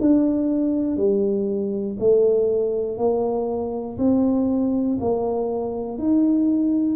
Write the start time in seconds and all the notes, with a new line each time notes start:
0.00 D4
0.96 G3
1.99 A3
2.97 A#3
3.98 C4
5.00 A#3
5.98 D#4